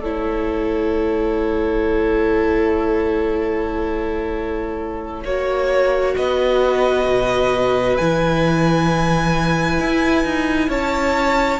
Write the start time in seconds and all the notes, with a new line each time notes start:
0.00 A3 E4 A4 C#5
5.23 A#3 F#4 C#5
6.16 B3 B4 D#5
7.05 B2
7.97 E3 E4 G#5
9.80 E4
10.24 D#4
10.68 C#4 C#5 A5